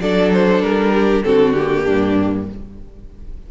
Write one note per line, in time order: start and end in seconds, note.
0.00 0.61 F#3
0.00 1.24 D4
0.00 0.94 A4
0.00 0.32 D5
0.32 0.62 C5
0.61 1.23 G3
0.61 1.24 A#4
0.94 1.25 G4
1.24 1.87 D3
1.24 1.55 C4
1.24 1.84 F#4
1.24 1.53 A4
1.53 2.51 A#3
1.53 2.46 G4
1.84 2.49 G2
1.84 2.46 D4